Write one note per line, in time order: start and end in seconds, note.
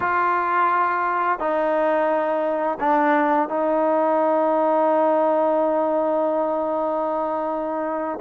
0.00 1.39 F4
1.39 2.78 D#4
2.79 3.48 D4
3.48 8.19 D#4